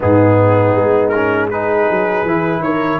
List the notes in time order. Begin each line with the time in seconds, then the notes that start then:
0.00 G#2 B3 D#4 G#4
0.75 G#3
1.09 C#4 A#4
1.48 D#4 G#4 B4
1.90 F#3
2.24 E3 E4
2.59 D#3 A#4 C#5